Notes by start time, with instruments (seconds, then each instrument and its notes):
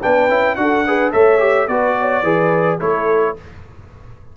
0.00 tuba B3, trombone D4, horn B4, trumpet G5
0.28 tuba C#4, trombone E4
0.55 tuba D4, trombone F#4, horn A4, trumpet F#5
0.86 trombone G#4, horn B4
1.12 tuba A3, trombone A4, horn C#5, trumpet E5
1.38 trombone G4
1.67 tuba B3, trombone F#4, horn B4, trumpet D5
1.99 horn C#5
2.23 tuba E3, trombone G#4, horn B4
2.79 tuba A3, trombone E4, horn A4, trumpet C#5